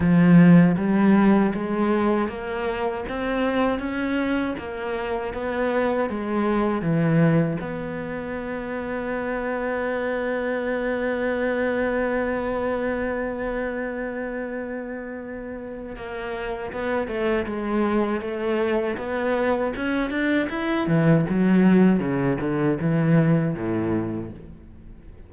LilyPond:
\new Staff \with { instrumentName = "cello" } { \time 4/4 \tempo 4 = 79 f4 g4 gis4 ais4 | c'4 cis'4 ais4 b4 | gis4 e4 b2~ | b1~ |
b1~ | b4 ais4 b8 a8 gis4 | a4 b4 cis'8 d'8 e'8 e8 | fis4 cis8 d8 e4 a,4 | }